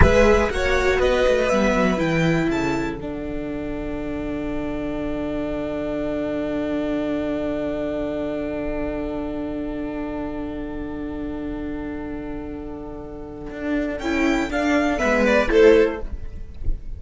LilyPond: <<
  \new Staff \with { instrumentName = "violin" } { \time 4/4 \tempo 4 = 120 e''4 fis''4 dis''4 e''4 | g''4 a''4 fis''2~ | fis''1~ | fis''1~ |
fis''1~ | fis''1~ | fis''1 | g''4 f''4 e''8 d''8 c''4 | }
  \new Staff \with { instrumentName = "violin" } { \time 4/4 b'4 cis''4 b'2~ | b'4 a'2.~ | a'1~ | a'1~ |
a'1~ | a'1~ | a'1~ | a'2 b'4 a'4 | }
  \new Staff \with { instrumentName = "viola" } { \time 4/4 gis'4 fis'2 b4 | e'2 d'2~ | d'1~ | d'1~ |
d'1~ | d'1~ | d'1 | e'4 d'4 b4 e'4 | }
  \new Staff \with { instrumentName = "cello" } { \time 4/4 gis4 ais4 b8 a8 g8 fis8 | e4 cis4 d2~ | d1~ | d1~ |
d1~ | d1~ | d2. d'4 | cis'4 d'4 gis4 a4 | }
>>